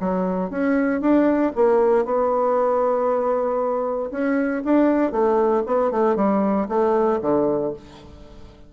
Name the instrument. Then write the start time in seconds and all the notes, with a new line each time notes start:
bassoon
0.00 F#3
0.51 C#4
1.01 D4
1.55 A#3
2.05 B3
4.12 C#4
4.65 D4
5.12 A3
5.66 B3
5.91 A3
6.16 G3
6.69 A3
7.22 D3